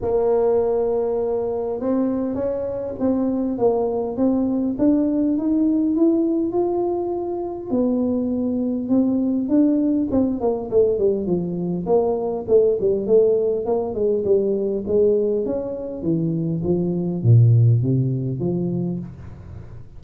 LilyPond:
\new Staff \with { instrumentName = "tuba" } { \time 4/4 \tempo 4 = 101 ais2. c'4 | cis'4 c'4 ais4 c'4 | d'4 dis'4 e'4 f'4~ | f'4 b2 c'4 |
d'4 c'8 ais8 a8 g8 f4 | ais4 a8 g8 a4 ais8 gis8 | g4 gis4 cis'4 e4 | f4 ais,4 c4 f4 | }